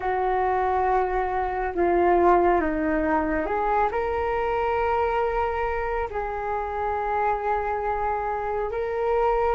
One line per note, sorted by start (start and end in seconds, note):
0.00 1.72 F#4
1.74 2.60 F4
2.60 3.45 D#4
3.45 3.89 G#4
3.91 6.08 A#4
6.10 8.71 G#4
8.71 9.55 A#4